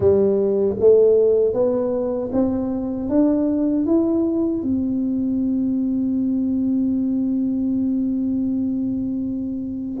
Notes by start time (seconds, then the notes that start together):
0.00 G3
0.79 A3
1.53 B3
2.32 C4
3.09 D4
3.85 E4
4.62 C4